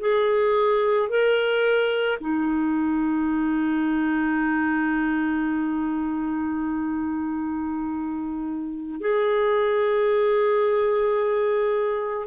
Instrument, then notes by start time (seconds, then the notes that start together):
clarinet
0.00 G#4
1.09 A#4
2.20 D#4
9.00 G#4